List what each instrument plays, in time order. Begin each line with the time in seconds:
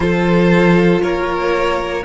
0.00 cello F3, viola F4, violin A4 C5
1.02 cello A#3, violin A#4 C#5